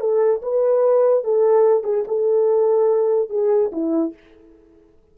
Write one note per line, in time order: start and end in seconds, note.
0.00 0.42 A4
0.42 1.24 B4
1.24 1.84 A4
1.84 2.05 G#4
2.08 3.30 A4
3.30 3.71 G#4
3.72 4.14 E4